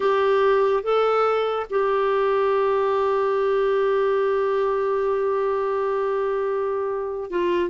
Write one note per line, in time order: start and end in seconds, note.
0.00 0.83 G4
0.83 1.66 A4
1.70 7.30 G4
7.30 7.69 F4